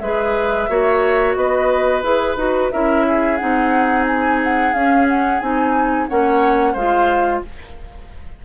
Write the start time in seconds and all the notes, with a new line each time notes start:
0.00 G#3 G#4 B4 E5
0.69 A#3 F#4 C#5
1.35 B3 B4 D#5
2.03 E4 G#4 B4
2.37 D#4 F#4
2.72 C#4 E4 A#4 E5
3.08 G#4
3.37 C4 D#4 F#5
4.07 G#5
4.44 F#5
4.74 C#4 F5
5.09 F#5
5.41 C4 D#4 G#5
6.09 A#3 C#4 C#5 F#5
6.73 G#3 F4 C5 F5